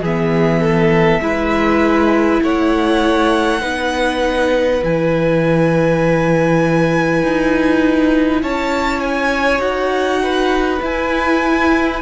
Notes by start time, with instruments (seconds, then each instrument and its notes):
0.00 cello E3, viola B3, violin G#4 E5
0.61 violin A4
1.21 cello G#3, viola E4, violin B4
2.43 cello A3, violin C#5 F#5
3.61 cello B3, viola D#4, violin B4
4.83 cello E3, viola E4, violin G#5
7.23 cello D#4
8.43 cello C#4, violin C#5 A5
9.01 violin G#5
9.59 cello D#4, viola F#4, violin F#5
10.23 violin B4
10.82 viola E4, cello E4, violin G#5